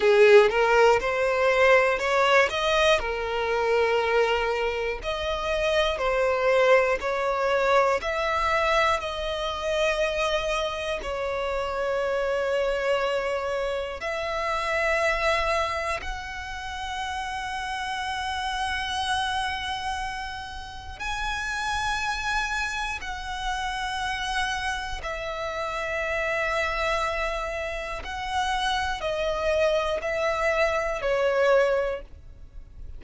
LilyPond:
\new Staff \with { instrumentName = "violin" } { \time 4/4 \tempo 4 = 60 gis'8 ais'8 c''4 cis''8 dis''8 ais'4~ | ais'4 dis''4 c''4 cis''4 | e''4 dis''2 cis''4~ | cis''2 e''2 |
fis''1~ | fis''4 gis''2 fis''4~ | fis''4 e''2. | fis''4 dis''4 e''4 cis''4 | }